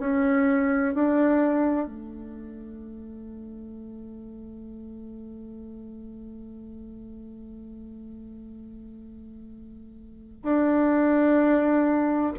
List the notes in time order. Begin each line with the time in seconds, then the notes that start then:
0.00 C#4
0.95 D4
1.87 A3
10.43 D4